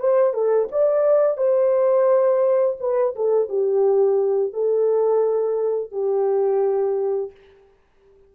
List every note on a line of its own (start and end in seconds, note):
0.00 0.34 C5
0.34 0.69 A4
0.72 1.38 D5
1.38 2.77 C5
2.80 3.15 B4
3.16 3.49 A4
3.49 4.53 G4
4.53 5.92 A4
5.92 7.32 G4